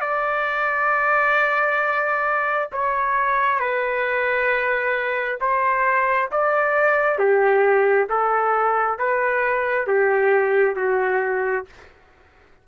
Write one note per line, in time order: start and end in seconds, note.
0.00 2.69 D5
2.72 3.59 C#5
3.59 5.38 B4
5.40 6.30 C5
6.31 7.18 D5
7.18 8.08 G4
8.09 8.98 A4
8.98 9.87 B4
9.87 10.75 G4
10.75 11.65 F#4